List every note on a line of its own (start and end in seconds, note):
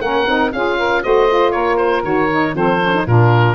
0.00 0.25 A#3
0.00 0.27 C#4
0.00 0.53 A#4
0.00 0.51 F#5
0.26 0.52 C4
0.26 0.52 D#4
0.53 1.04 C#4
0.53 1.03 F4
0.53 0.77 G#4
0.53 1.03 F5
0.77 1.02 A#4
1.03 1.55 A3
1.03 1.28 F#4
1.03 1.52 C5
1.03 1.51 D#5
1.28 2.03 F4
1.51 2.03 A#3
1.51 2.54 A#4
1.51 1.76 C#5
1.76 2.02 C5
2.03 2.54 D#3
2.03 2.28 F#4
2.03 2.55 C#5
2.31 2.55 D#4
2.55 3.05 F3
2.55 2.80 C4
2.55 3.05 A4
2.55 3.07 C5
2.82 2.93 C#4
2.93 3.06 D#4
3.05 3.54 A#2
3.05 3.54 D4
3.05 3.54 F4
3.05 3.54 A#4